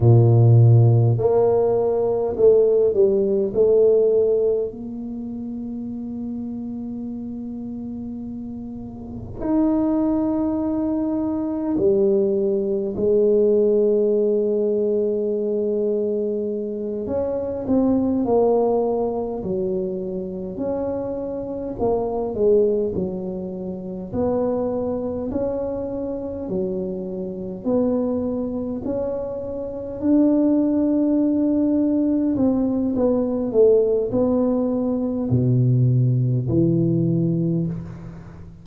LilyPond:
\new Staff \with { instrumentName = "tuba" } { \time 4/4 \tempo 4 = 51 ais,4 ais4 a8 g8 a4 | ais1 | dis'2 g4 gis4~ | gis2~ gis8 cis'8 c'8 ais8~ |
ais8 fis4 cis'4 ais8 gis8 fis8~ | fis8 b4 cis'4 fis4 b8~ | b8 cis'4 d'2 c'8 | b8 a8 b4 b,4 e4 | }